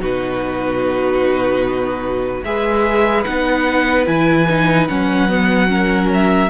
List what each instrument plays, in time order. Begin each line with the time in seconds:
0.00 cello B2, viola D#4, violin F#4 B4
2.44 cello G#3, viola G#4, violin B4 E5
3.24 cello B3, viola D#4, violin F#5
4.06 cello E3, viola E4, violin G#5
4.49 viola D#4
4.88 cello F#3, viola C#4, violin F#5
5.29 viola B3
5.68 viola C#4, violin A#4
6.14 violin E5